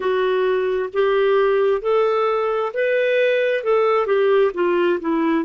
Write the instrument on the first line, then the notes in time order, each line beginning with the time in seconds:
clarinet
0.00 F#4
0.93 G4
1.81 A4
2.73 B4
3.63 A4
4.06 G4
4.54 F4
5.00 E4